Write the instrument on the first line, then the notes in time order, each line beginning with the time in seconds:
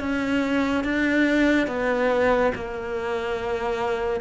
cello
0.00 C#4
0.84 D4
1.67 B3
2.55 A#3